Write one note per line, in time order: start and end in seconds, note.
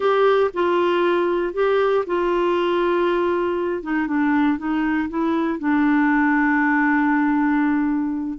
0.00 0.50 G4
0.53 1.53 F4
1.53 2.04 G4
2.06 3.82 F4
3.82 4.07 D#4
4.07 4.57 D4
4.57 5.08 D#4
5.09 5.59 E4
5.59 8.38 D4